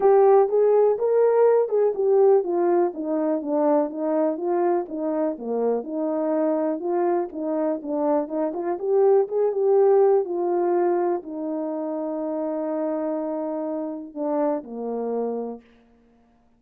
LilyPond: \new Staff \with { instrumentName = "horn" } { \time 4/4 \tempo 4 = 123 g'4 gis'4 ais'4. gis'8 | g'4 f'4 dis'4 d'4 | dis'4 f'4 dis'4 ais4 | dis'2 f'4 dis'4 |
d'4 dis'8 f'8 g'4 gis'8 g'8~ | g'4 f'2 dis'4~ | dis'1~ | dis'4 d'4 ais2 | }